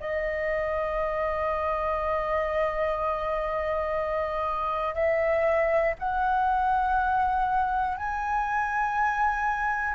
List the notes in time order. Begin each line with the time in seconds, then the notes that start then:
0.00 D#5
4.95 E5
5.99 F#5
7.97 G#5